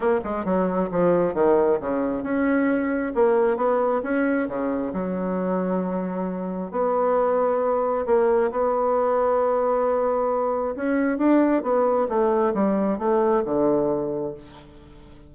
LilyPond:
\new Staff \with { instrumentName = "bassoon" } { \time 4/4 \tempo 4 = 134 ais8 gis8 fis4 f4 dis4 | cis4 cis'2 ais4 | b4 cis'4 cis4 fis4~ | fis2. b4~ |
b2 ais4 b4~ | b1 | cis'4 d'4 b4 a4 | g4 a4 d2 | }